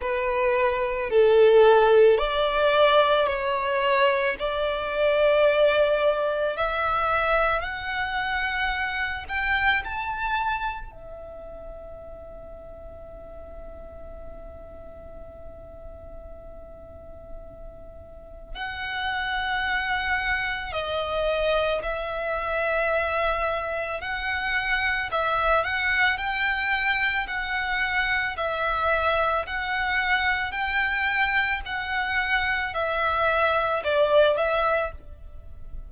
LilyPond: \new Staff \with { instrumentName = "violin" } { \time 4/4 \tempo 4 = 55 b'4 a'4 d''4 cis''4 | d''2 e''4 fis''4~ | fis''8 g''8 a''4 e''2~ | e''1~ |
e''4 fis''2 dis''4 | e''2 fis''4 e''8 fis''8 | g''4 fis''4 e''4 fis''4 | g''4 fis''4 e''4 d''8 e''8 | }